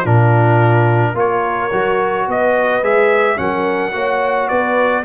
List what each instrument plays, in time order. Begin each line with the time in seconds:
0.00 tuba A#2, trombone D4, horn F4, trumpet A#4
1.14 tuba A#3, trombone F4, horn A#4, trumpet C#5
1.72 tuba F#3, trombone F#4
2.27 tuba B3, horn B4, trumpet D#5
2.82 tuba G#3, trombone G#4, trumpet E5
3.36 tuba F#3, trombone C#4, horn A#4, trumpet F#5
3.92 tuba A#3, trombone F#4, horn C#5
4.48 tuba B3, horn B4, trumpet D5